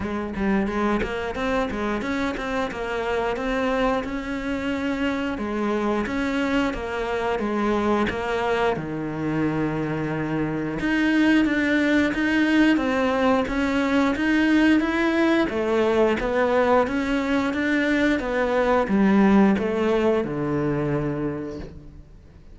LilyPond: \new Staff \with { instrumentName = "cello" } { \time 4/4 \tempo 4 = 89 gis8 g8 gis8 ais8 c'8 gis8 cis'8 c'8 | ais4 c'4 cis'2 | gis4 cis'4 ais4 gis4 | ais4 dis2. |
dis'4 d'4 dis'4 c'4 | cis'4 dis'4 e'4 a4 | b4 cis'4 d'4 b4 | g4 a4 d2 | }